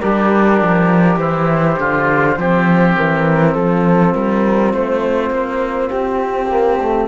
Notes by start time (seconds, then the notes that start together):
0.00 G3 D4 G4 A#4
0.61 F3
1.18 E3 E4 C5
1.79 D3 F4
2.37 F3 C4 G4
2.96 E3 A#4
3.54 F3 F4 A4
4.13 G3 A#4
4.74 A3 C5
5.30 A#3
5.90 C4 G4
6.50 A#3
6.80 A3